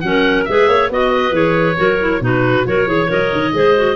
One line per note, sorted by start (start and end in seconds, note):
0.00 0.46 F#3
0.00 0.47 C#4
0.00 0.44 F#5
0.06 0.49 A#4
0.45 0.67 G#3
0.45 0.91 G#4
0.45 0.68 B4
0.45 0.88 E5
0.67 0.89 A#3
0.67 0.90 C#5
0.89 1.31 B3
0.89 1.32 F#4
0.89 1.35 D#5
0.89 1.11 D#5
1.11 1.77 B4
1.31 1.75 E3
1.31 1.76 G#4
1.31 2.22 C#5
1.76 2.20 F#3
1.76 1.98 F#4
1.76 2.21 A#4
2.00 2.20 E4
2.20 2.64 B2
2.20 2.64 D#4
2.20 2.66 F#4
2.20 2.67 B4
2.65 2.86 F#3
2.65 2.86 F#4
2.65 2.88 A#4
2.65 3.10 C#5
2.86 3.08 E3
2.86 3.08 G#4
2.86 3.54 C#5
3.08 3.32 F#3
3.08 3.52 A#4
3.08 3.95 D#5
3.32 3.53 D#3
3.53 3.95 G#3
3.53 3.76 G#4
3.53 3.95 C5
3.77 3.95 F#4